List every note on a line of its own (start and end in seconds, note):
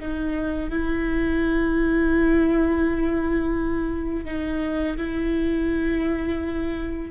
0.00 0.70 D#4
0.70 4.25 E4
4.25 4.97 D#4
4.97 7.11 E4